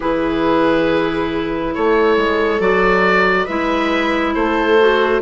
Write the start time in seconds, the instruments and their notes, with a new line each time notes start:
0.00 bassoon E3, clarinet E4, viola G#4, oboe B4
1.74 bassoon A3, viola A4, oboe C#5
2.16 bassoon G#3
2.59 bassoon F#3, clarinet F#4, oboe D5
3.44 bassoon G#3, clarinet E4, viola B4, oboe E5
4.34 bassoon A3, viola A4, oboe C5
4.79 clarinet F#4